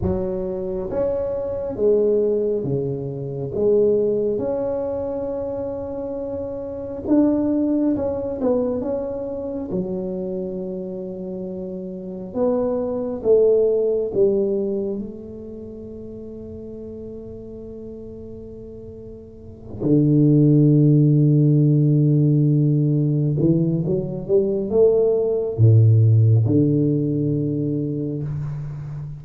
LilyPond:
\new Staff \with { instrumentName = "tuba" } { \time 4/4 \tempo 4 = 68 fis4 cis'4 gis4 cis4 | gis4 cis'2. | d'4 cis'8 b8 cis'4 fis4~ | fis2 b4 a4 |
g4 a2.~ | a2~ a8 d4.~ | d2~ d8 e8 fis8 g8 | a4 a,4 d2 | }